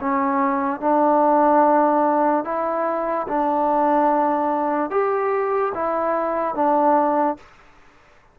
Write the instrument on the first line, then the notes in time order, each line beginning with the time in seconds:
trombone
0.00 C#4
0.80 D4
2.44 E4
3.28 D4
4.90 G4
5.74 E4
6.55 D4